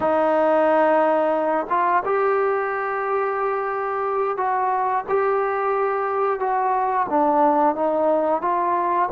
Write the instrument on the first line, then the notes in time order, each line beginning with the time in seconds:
trombone
0.00 D#4
1.69 F4
2.05 G4
4.37 F#4
5.08 G4
6.39 F#4
7.09 D4
7.75 D#4
8.41 F4